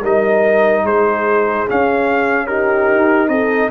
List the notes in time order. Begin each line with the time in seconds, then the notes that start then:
0.00 G3 D#4 A#4 D#5
0.84 G#3 G#4 C5
1.67 C#4 F5
2.46 D#4 G4 A#4
2.90 D#4
3.28 C4 A4 D#5